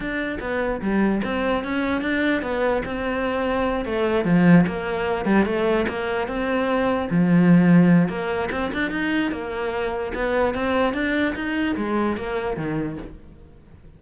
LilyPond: \new Staff \with { instrumentName = "cello" } { \time 4/4 \tempo 4 = 148 d'4 b4 g4 c'4 | cis'4 d'4 b4 c'4~ | c'4. a4 f4 ais8~ | ais4 g8 a4 ais4 c'8~ |
c'4. f2~ f8 | ais4 c'8 d'8 dis'4 ais4~ | ais4 b4 c'4 d'4 | dis'4 gis4 ais4 dis4 | }